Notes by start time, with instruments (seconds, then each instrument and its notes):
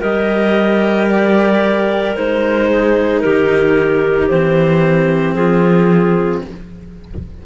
0.00 cello G3 G4, clarinet A#4 D#5
1.10 clarinet D5
2.15 cello G#3 D#4, clarinet C5
2.70 clarinet G#4
3.20 cello D#3, clarinet G4 A#4
4.28 cello E3 C4, clarinet C5
5.34 cello F3, clarinet F4 G#4